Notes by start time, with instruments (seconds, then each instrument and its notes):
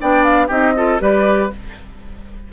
0.00 bassoon B3, clarinet D4, oboe D5, flute G5
0.24 flute F5
0.47 bassoon C4, clarinet D#4, oboe G4, flute D#5
0.76 clarinet F4, oboe A4
0.99 bassoon G3, clarinet G4, oboe B4, flute D5